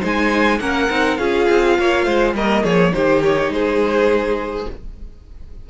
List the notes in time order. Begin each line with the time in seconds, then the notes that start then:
0.00 G#3 D#4 C5 G#5
0.59 A#3 C#4 A#4 F#5
0.89 C4 D#4
1.16 C#4 F4 G#4 F5
1.49 C4
1.78 A#3 C#5
2.04 G#3 C5
2.33 G3 A#3 A#4 D#5
2.63 F3 G#4 C#5
2.92 D#3 D#4 G4 C5
3.23 C#5
3.49 G#3 G#4 C5